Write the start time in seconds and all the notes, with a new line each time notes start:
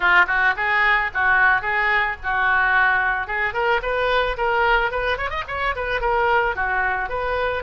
0.00 F4
0.27 F#4
0.56 G#4
1.14 F#4
1.61 G#4
2.23 F#4
3.27 G#4
3.53 A#4
3.82 B4
4.37 A#4
4.91 B4
5.17 C#5
5.30 D#5
5.47 C#5
5.75 B4
6.00 A#4
6.55 F#4
7.09 B4